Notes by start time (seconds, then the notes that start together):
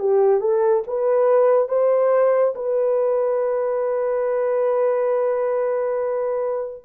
0.00 G4
0.41 A4
0.87 B4
1.69 C5
2.56 B4